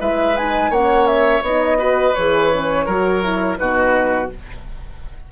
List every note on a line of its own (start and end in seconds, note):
0.00 0.70 G#3
0.00 0.36 E4
0.00 0.71 B4
0.00 0.37 E5
0.37 0.73 D#4
0.37 0.73 G#5
0.70 1.41 A#3
0.70 1.44 C#4
0.70 1.78 C#5
0.70 1.07 F#5
1.07 1.43 E5
1.42 2.13 B3
1.42 1.78 D#4
1.42 2.15 D#5
1.78 2.14 F#4
1.78 2.86 B4
2.15 2.87 E3
2.15 2.53 G#4
2.15 3.57 C#5
2.53 2.88 C#4
2.86 3.58 F#3
2.86 3.23 F#4
2.86 3.57 A#4
3.23 3.57 E4
3.57 4.31 B2
3.57 4.29 D#4
3.57 4.32 F#4
3.57 4.29 B4